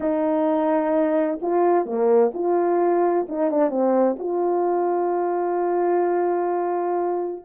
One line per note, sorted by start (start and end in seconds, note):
0.00 1.39 D#4
1.41 1.85 F4
1.85 2.32 A#3
2.34 3.27 F4
3.28 3.50 D#4
3.50 3.70 D4
3.70 4.16 C4
4.18 7.44 F4